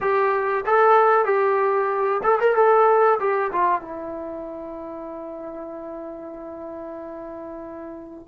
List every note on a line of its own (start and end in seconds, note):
0.01 0.64 G4
0.66 1.25 A4
1.25 2.21 G4
2.23 2.39 A4
2.40 2.55 A#4
2.55 3.19 A4
3.19 3.51 G4
3.52 3.81 F4
3.81 8.27 E4